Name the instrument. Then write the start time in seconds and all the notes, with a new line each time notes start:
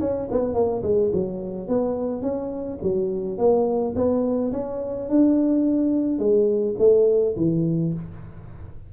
tuba
0.00 C#4
0.31 B3
0.54 A#3
0.83 G#3
1.13 F#3
1.68 B3
2.22 C#4
2.82 F#3
3.38 A#3
3.95 B3
4.52 C#4
5.09 D4
6.19 G#3
6.78 A3
7.37 E3